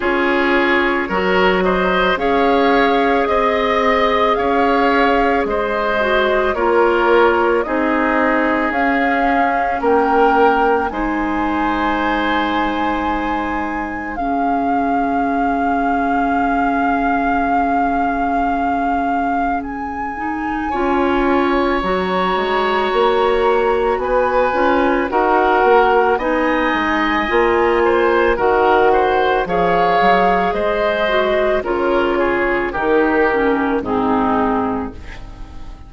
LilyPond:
<<
  \new Staff \with { instrumentName = "flute" } { \time 4/4 \tempo 4 = 55 cis''4. dis''8 f''4 dis''4 | f''4 dis''4 cis''4 dis''4 | f''4 g''4 gis''2~ | gis''4 f''2.~ |
f''2 gis''2 | ais''2 gis''4 fis''4 | gis''2 fis''4 f''4 | dis''4 cis''4 ais'4 gis'4 | }
  \new Staff \with { instrumentName = "oboe" } { \time 4/4 gis'4 ais'8 c''8 cis''4 dis''4 | cis''4 c''4 ais'4 gis'4~ | gis'4 ais'4 c''2~ | c''4 gis'2.~ |
gis'2. cis''4~ | cis''2 b'4 ais'4 | dis''4. c''8 ais'8 c''8 cis''4 | c''4 ais'8 gis'8 g'4 dis'4 | }
  \new Staff \with { instrumentName = "clarinet" } { \time 4/4 f'4 fis'4 gis'2~ | gis'4. fis'8 f'4 dis'4 | cis'2 dis'2~ | dis'4 cis'2.~ |
cis'2~ cis'8 dis'8 f'4 | fis'2~ fis'8 f'8 fis'4 | dis'4 f'4 fis'4 gis'4~ | gis'8 fis'8 f'4 dis'8 cis'8 c'4 | }
  \new Staff \with { instrumentName = "bassoon" } { \time 4/4 cis'4 fis4 cis'4 c'4 | cis'4 gis4 ais4 c'4 | cis'4 ais4 gis2~ | gis4 cis2.~ |
cis2. cis'4 | fis8 gis8 ais4 b8 cis'8 dis'8 ais8 | b8 gis8 ais4 dis4 f8 fis8 | gis4 cis4 dis4 gis,4 | }
>>